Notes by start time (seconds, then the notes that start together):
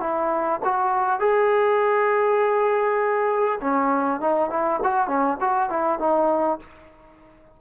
0.00 E4
0.65 F#4
1.20 G#4
3.61 C#4
4.21 D#4
4.50 E4
4.83 F#4
5.08 C#4
5.41 F#4
5.70 E4
5.99 D#4